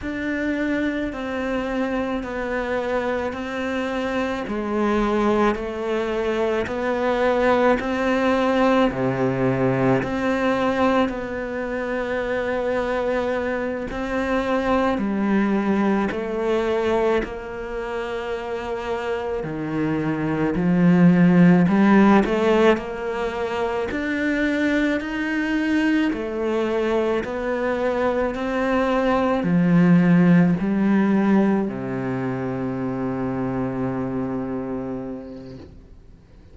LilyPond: \new Staff \with { instrumentName = "cello" } { \time 4/4 \tempo 4 = 54 d'4 c'4 b4 c'4 | gis4 a4 b4 c'4 | c4 c'4 b2~ | b8 c'4 g4 a4 ais8~ |
ais4. dis4 f4 g8 | a8 ais4 d'4 dis'4 a8~ | a8 b4 c'4 f4 g8~ | g8 c2.~ c8 | }